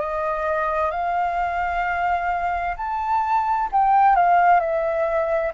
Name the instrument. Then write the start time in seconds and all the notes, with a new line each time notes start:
flute
0.00 D#5
0.91 F5
2.77 A5
3.72 G5
4.16 F5
4.60 E5